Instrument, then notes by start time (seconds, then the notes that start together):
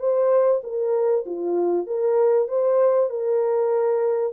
horn
0.00 C5
0.64 A#4
1.26 F4
1.87 A#4
2.49 C5
3.10 A#4